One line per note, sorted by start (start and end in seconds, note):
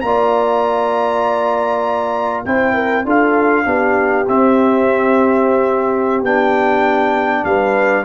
0.00 2.44 A#3
0.00 2.45 F4
0.00 2.45 D5
0.00 2.42 A#5
2.45 3.04 C4
2.45 3.05 E4
2.45 2.73 C5
2.45 3.05 G5
2.73 3.04 A#4
3.04 3.65 D4
3.04 3.65 F4
3.04 3.65 A4
3.04 4.28 F5
3.65 4.26 B3
3.65 4.25 D4
3.65 7.45 G4
4.28 6.22 C4
4.28 6.24 C4
4.28 6.24 E5
6.22 7.43 B3
6.22 8.04 D4
6.22 7.44 G5
7.44 8.04 G3
7.44 8.04 B4
7.44 8.04 F5